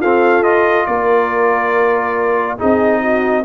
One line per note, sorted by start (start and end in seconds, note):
0.00 0.43 C4
0.00 0.86 F4
0.00 0.88 A4
0.00 0.43 F5
0.43 2.58 F4
0.43 0.86 D#5
0.86 2.59 A#3
0.86 2.58 A#4
0.86 2.57 D5
2.58 3.45 C4
2.58 3.44 D#4
2.58 3.01 G#4
2.58 3.45 D#5
3.01 3.44 F#4